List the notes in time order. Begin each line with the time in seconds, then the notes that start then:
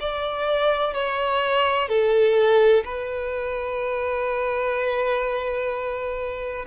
0.00 D5
0.94 C#5
1.89 A4
2.84 B4